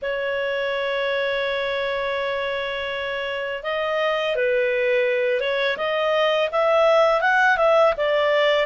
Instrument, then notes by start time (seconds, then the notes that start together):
clarinet
0.02 C#5
3.63 D#5
4.35 B4
5.40 C#5
5.77 D#5
6.51 E5
7.21 F#5
7.57 E5
7.97 D5